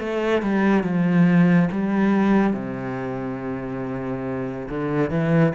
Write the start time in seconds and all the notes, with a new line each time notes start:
0.00 A3
0.42 G3
0.84 F3
1.72 G3
2.54 C3
4.69 D3
5.10 E3